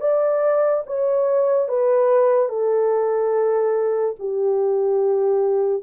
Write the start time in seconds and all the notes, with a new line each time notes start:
0.00 D5
0.86 C#5
1.68 B4
2.48 A4
4.19 G4